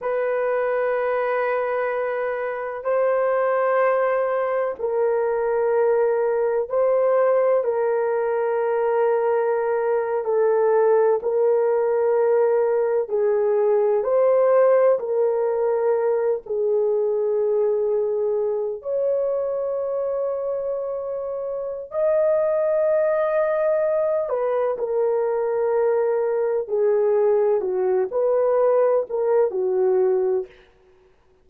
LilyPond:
\new Staff \with { instrumentName = "horn" } { \time 4/4 \tempo 4 = 63 b'2. c''4~ | c''4 ais'2 c''4 | ais'2~ ais'8. a'4 ais'16~ | ais'4.~ ais'16 gis'4 c''4 ais'16~ |
ais'4~ ais'16 gis'2~ gis'8 cis''16~ | cis''2. dis''4~ | dis''4. b'8 ais'2 | gis'4 fis'8 b'4 ais'8 fis'4 | }